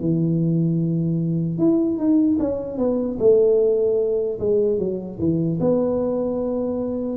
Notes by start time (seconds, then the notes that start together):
0.00 E3
1.58 E4
1.98 D#4
2.39 C#4
2.78 B3
3.19 A3
4.39 G#3
4.79 F#3
5.19 E3
5.60 B3